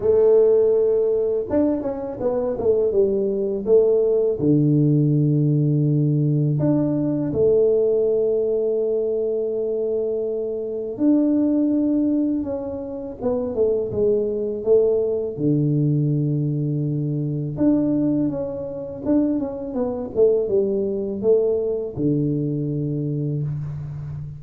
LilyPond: \new Staff \with { instrumentName = "tuba" } { \time 4/4 \tempo 4 = 82 a2 d'8 cis'8 b8 a8 | g4 a4 d2~ | d4 d'4 a2~ | a2. d'4~ |
d'4 cis'4 b8 a8 gis4 | a4 d2. | d'4 cis'4 d'8 cis'8 b8 a8 | g4 a4 d2 | }